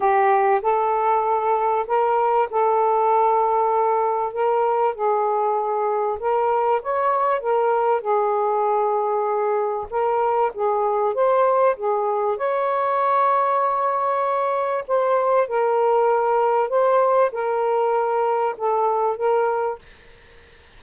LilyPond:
\new Staff \with { instrumentName = "saxophone" } { \time 4/4 \tempo 4 = 97 g'4 a'2 ais'4 | a'2. ais'4 | gis'2 ais'4 cis''4 | ais'4 gis'2. |
ais'4 gis'4 c''4 gis'4 | cis''1 | c''4 ais'2 c''4 | ais'2 a'4 ais'4 | }